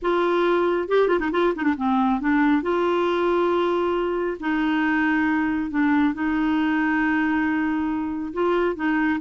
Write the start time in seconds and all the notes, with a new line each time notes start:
0.01 F4
0.88 G4
1.08 F4
1.19 D#4
1.31 F4
1.55 D#4
1.63 D4
1.77 C4
2.20 D4
2.62 F4
4.40 D#4
5.70 D4
6.14 D#4
8.33 F4
8.75 D#4